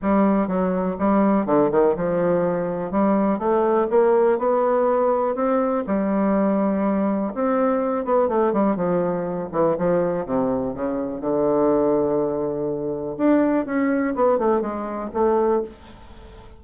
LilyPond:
\new Staff \with { instrumentName = "bassoon" } { \time 4/4 \tempo 4 = 123 g4 fis4 g4 d8 dis8 | f2 g4 a4 | ais4 b2 c'4 | g2. c'4~ |
c'8 b8 a8 g8 f4. e8 | f4 c4 cis4 d4~ | d2. d'4 | cis'4 b8 a8 gis4 a4 | }